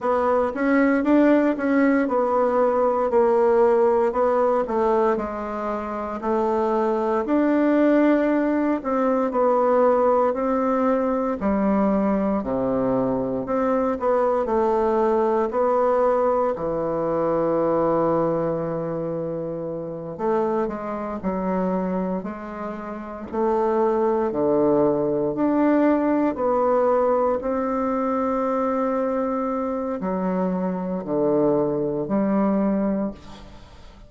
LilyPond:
\new Staff \with { instrumentName = "bassoon" } { \time 4/4 \tempo 4 = 58 b8 cis'8 d'8 cis'8 b4 ais4 | b8 a8 gis4 a4 d'4~ | d'8 c'8 b4 c'4 g4 | c4 c'8 b8 a4 b4 |
e2.~ e8 a8 | gis8 fis4 gis4 a4 d8~ | d8 d'4 b4 c'4.~ | c'4 fis4 d4 g4 | }